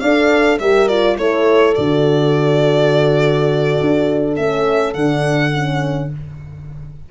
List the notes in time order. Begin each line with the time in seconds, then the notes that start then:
0.00 D4 A4 D5 F5
0.59 G3 G4 A#4 E5
0.88 F4 D5
1.17 A3 E4 A4 C#5
1.74 D3 F#4 D5
3.81 D4
4.36 A3 C#4 E5
4.94 D3 D4 F#5
5.53 C#4